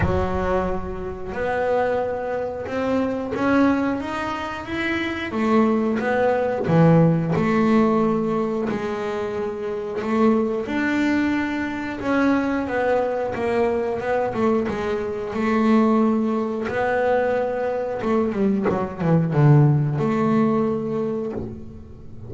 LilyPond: \new Staff \with { instrumentName = "double bass" } { \time 4/4 \tempo 4 = 90 fis2 b2 | c'4 cis'4 dis'4 e'4 | a4 b4 e4 a4~ | a4 gis2 a4 |
d'2 cis'4 b4 | ais4 b8 a8 gis4 a4~ | a4 b2 a8 g8 | fis8 e8 d4 a2 | }